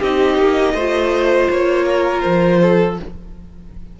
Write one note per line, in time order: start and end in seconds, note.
0.00 0.37 C4
0.00 0.77 D#4
0.00 0.73 G4
0.00 1.50 D#5
0.37 0.73 A#3
0.73 1.47 A3
0.73 3.00 F4
0.73 1.85 C5
1.50 2.24 A#3
1.50 2.21 C#5
1.85 2.59 A#4
2.21 2.99 F3
2.21 2.95 C5
2.62 2.99 A4